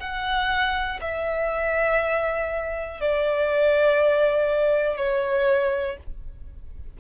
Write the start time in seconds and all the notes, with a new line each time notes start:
0.00 F#5
1.01 E5
3.01 D5
4.97 C#5